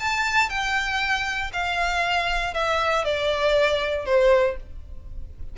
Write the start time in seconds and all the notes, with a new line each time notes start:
0.00 A5
0.49 G5
1.53 F5
2.54 E5
3.05 D5
4.06 C5